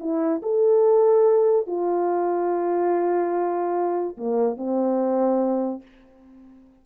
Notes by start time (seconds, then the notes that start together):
0.00 E4
0.42 A4
1.67 F4
4.17 A#3
4.57 C4